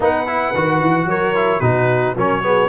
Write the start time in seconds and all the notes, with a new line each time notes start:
0.00 B3 D#4 B4 F#5
0.26 E4
0.54 D#3 F#4
0.81 E3
1.05 F#3 A#4 C#5
1.35 E4
1.60 B2 D#4 F#4 B4
2.16 F#3 C#4 A#4 C#5
2.43 B3 G#4